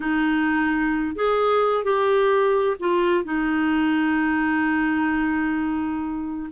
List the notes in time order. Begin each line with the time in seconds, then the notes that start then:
0.00 D#4
1.15 G#4
1.84 G4
2.79 F4
3.24 D#4